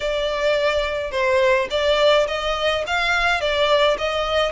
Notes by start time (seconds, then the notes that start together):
0.00 D5
1.11 C5
1.70 D5
2.27 D#5
2.86 F5
3.40 D5
3.98 D#5